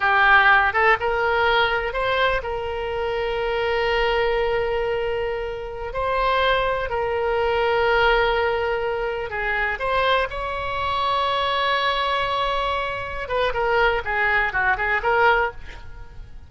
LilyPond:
\new Staff \with { instrumentName = "oboe" } { \time 4/4 \tempo 4 = 124 g'4. a'8 ais'2 | c''4 ais'2.~ | ais'1~ | ais'16 c''2 ais'4.~ ais'16~ |
ais'2.~ ais'16 gis'8.~ | gis'16 c''4 cis''2~ cis''8.~ | cis''2.~ cis''8 b'8 | ais'4 gis'4 fis'8 gis'8 ais'4 | }